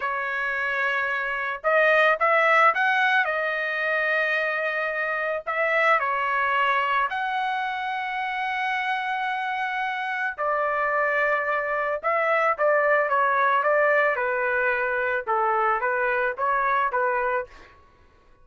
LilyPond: \new Staff \with { instrumentName = "trumpet" } { \time 4/4 \tempo 4 = 110 cis''2. dis''4 | e''4 fis''4 dis''2~ | dis''2 e''4 cis''4~ | cis''4 fis''2.~ |
fis''2. d''4~ | d''2 e''4 d''4 | cis''4 d''4 b'2 | a'4 b'4 cis''4 b'4 | }